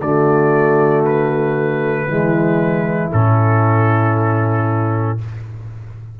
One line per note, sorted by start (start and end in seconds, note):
0.00 2.07 D3
0.00 2.08 A3
0.00 2.09 F#4
0.00 1.05 D5
1.05 3.12 B4
2.08 3.11 E3
2.08 3.11 G#3
2.08 5.19 E4
3.11 5.19 A2
3.11 5.18 C#4
3.11 5.19 A4